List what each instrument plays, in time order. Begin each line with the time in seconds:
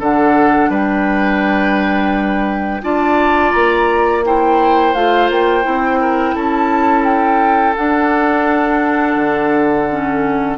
0.00 bassoon D3, clarinet D4, oboe A4, flute F#5
0.70 bassoon G3, oboe B4, flute G5
2.82 bassoon D4, clarinet F4, oboe D5, flute A5
3.51 bassoon A#3, flute A#5
4.25 clarinet E4, oboe C5, flute G5
4.94 bassoon A3, clarinet F4, flute F5
5.30 bassoon A#3, flute G5
5.63 bassoon C4, clarinet E4
6.01 oboe A#4
6.35 bassoon C#4, oboe A4, flute A5
7.05 flute G5
7.76 clarinet D4, bassoon D4, flute F#5
9.16 bassoon D3
9.90 clarinet C#4